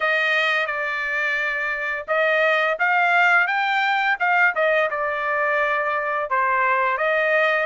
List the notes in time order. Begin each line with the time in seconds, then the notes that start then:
0.00 D#5
0.66 D5
2.07 D#5
2.79 F5
3.47 G5
4.19 F5
4.55 D#5
4.90 D5
6.29 C5
6.97 D#5